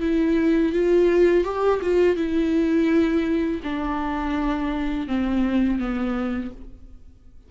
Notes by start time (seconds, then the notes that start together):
0.00 E4
0.72 F4
1.44 G4
1.82 F4
2.16 E4
3.63 D4
5.07 C4
5.78 B3